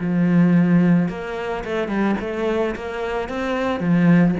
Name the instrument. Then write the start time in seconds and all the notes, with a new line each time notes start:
cello
0.00 F3
1.09 A#3
1.64 A3
1.88 G3
2.20 A3
2.75 A#3
3.29 C4
3.80 F3